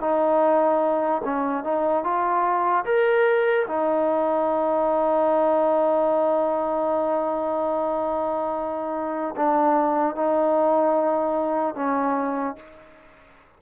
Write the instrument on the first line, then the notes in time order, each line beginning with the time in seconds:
trombone
0.00 D#4
1.24 C#4
1.64 D#4
2.03 F4
2.85 A#4
3.67 D#4
9.36 D4
10.15 D#4
11.75 C#4